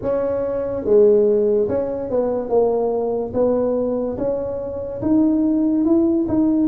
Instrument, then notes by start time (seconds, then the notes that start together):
tuba
0.02 C#4
0.84 G#3
1.68 C#4
2.09 B3
2.49 A#3
3.33 B3
4.17 C#4
5.02 D#4
5.84 E4
6.28 D#4